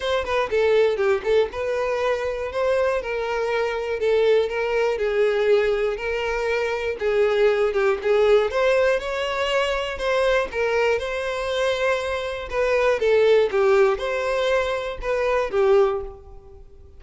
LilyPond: \new Staff \with { instrumentName = "violin" } { \time 4/4 \tempo 4 = 120 c''8 b'8 a'4 g'8 a'8 b'4~ | b'4 c''4 ais'2 | a'4 ais'4 gis'2 | ais'2 gis'4. g'8 |
gis'4 c''4 cis''2 | c''4 ais'4 c''2~ | c''4 b'4 a'4 g'4 | c''2 b'4 g'4 | }